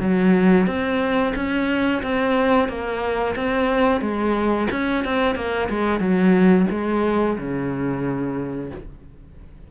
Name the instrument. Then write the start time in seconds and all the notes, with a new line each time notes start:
cello
0.00 F#3
0.67 C4
1.35 C#4
2.03 C4
2.68 A#3
3.36 C4
4.01 G#3
4.71 C#4
5.05 C4
5.35 A#3
5.70 G#3
6.00 F#3
6.71 G#3
7.38 C#3